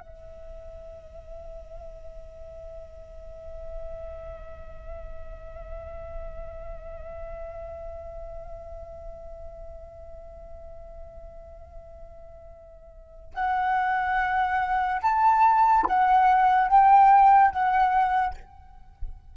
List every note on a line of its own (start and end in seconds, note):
0.00 13.33 E5
13.35 15.02 F#5
15.02 15.86 A5
15.86 16.69 F#5
16.69 17.51 G5
17.51 18.34 F#5